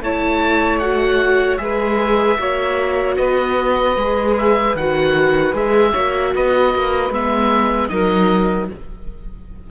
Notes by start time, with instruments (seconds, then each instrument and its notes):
0.00 cello A3, viola E4, saxophone C#5, oboe A5
0.79 viola F#4, oboe F#5
1.57 cello G#3, viola G#4, saxophone B4, oboe E5
2.38 cello A#3, viola F#4, saxophone C#5
3.16 cello B3, saxophone B4, oboe D#5
3.96 cello G#3, viola G#4
4.37 oboe E5
4.75 cello D#3, viola F#4, oboe F#5
5.53 cello G#3, viola G#4, oboe E5
5.91 cello A#3, viola F#4, saxophone C#5
6.34 cello B3, saxophone B4, oboe D#5
6.75 cello A#3
7.09 cello G#3, viola B3, oboe E5
7.88 cello F#3, viola D#4, saxophone A#4, oboe D#5